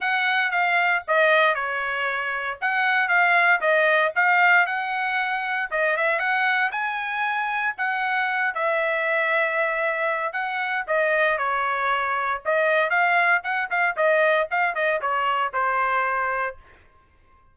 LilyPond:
\new Staff \with { instrumentName = "trumpet" } { \time 4/4 \tempo 4 = 116 fis''4 f''4 dis''4 cis''4~ | cis''4 fis''4 f''4 dis''4 | f''4 fis''2 dis''8 e''8 | fis''4 gis''2 fis''4~ |
fis''8 e''2.~ e''8 | fis''4 dis''4 cis''2 | dis''4 f''4 fis''8 f''8 dis''4 | f''8 dis''8 cis''4 c''2 | }